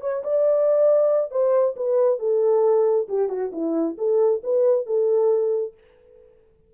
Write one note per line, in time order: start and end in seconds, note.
0.00 0.22 C#5
0.23 1.31 D5
1.31 1.75 C5
1.76 2.19 B4
2.19 3.07 A4
3.08 3.28 G4
3.28 3.51 F#4
3.52 3.96 E4
3.97 4.42 A4
4.43 4.86 B4
4.86 5.74 A4